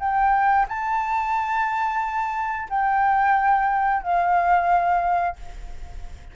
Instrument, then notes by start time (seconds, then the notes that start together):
flute
0.00 G5
0.69 A5
2.70 G5
4.03 F5